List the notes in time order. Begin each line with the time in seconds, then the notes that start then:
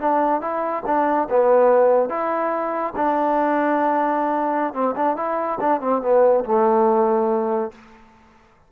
0.00 D4
0.41 E4
0.86 D4
1.30 B3
2.09 E4
2.96 D4
4.73 C4
4.96 D4
5.16 E4
5.60 D4
5.81 C4
6.02 B3
6.45 A3